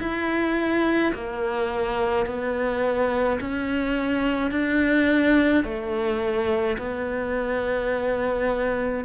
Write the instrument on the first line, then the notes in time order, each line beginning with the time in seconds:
cello
0.00 E4
1.14 A#3
2.26 B3
3.41 C#4
4.51 D4
5.64 A3
6.78 B3